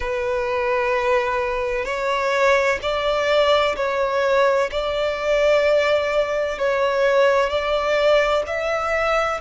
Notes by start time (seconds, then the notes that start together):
0.00 B4
1.85 C#5
2.82 D5
3.76 C#5
4.71 D5
6.58 C#5
7.49 D5
8.46 E5